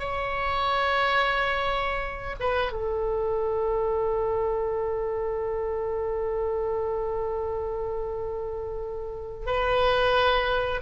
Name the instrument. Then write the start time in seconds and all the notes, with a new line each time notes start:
oboe
0.00 C#5
2.40 B4
2.72 A4
9.47 B4